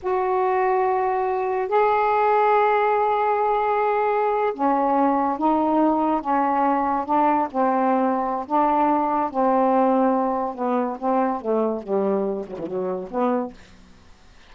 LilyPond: \new Staff \with { instrumentName = "saxophone" } { \time 4/4 \tempo 4 = 142 fis'1 | gis'1~ | gis'2~ gis'8. cis'4~ cis'16~ | cis'8. dis'2 cis'4~ cis'16~ |
cis'8. d'4 c'2~ c'16 | d'2 c'2~ | c'4 b4 c'4 a4 | g4. fis16 e16 fis4 b4 | }